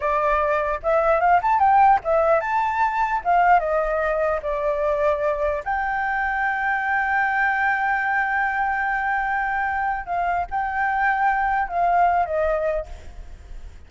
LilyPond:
\new Staff \with { instrumentName = "flute" } { \time 4/4 \tempo 4 = 149 d''2 e''4 f''8 a''8 | g''4 e''4 a''2 | f''4 dis''2 d''4~ | d''2 g''2~ |
g''1~ | g''1~ | g''4 f''4 g''2~ | g''4 f''4. dis''4. | }